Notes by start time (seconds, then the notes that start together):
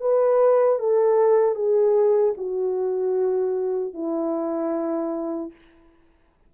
0.00 B4
0.79 A4
1.55 G#4
2.36 F#4
3.93 E4